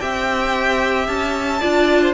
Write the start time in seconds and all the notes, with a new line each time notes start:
0.00 C4 G4 E5 G5
1.08 C#4 A5
1.61 D4 F4 D5
2.02 C5